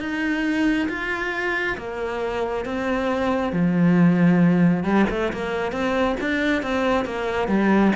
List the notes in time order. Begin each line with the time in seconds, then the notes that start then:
0.00 D#4
0.89 F4
1.77 A#3
2.65 C4
3.53 F3
4.84 G3
5.10 A3
5.33 A#3
5.72 C4
6.20 D4
6.62 C4
7.05 A#3
7.48 G3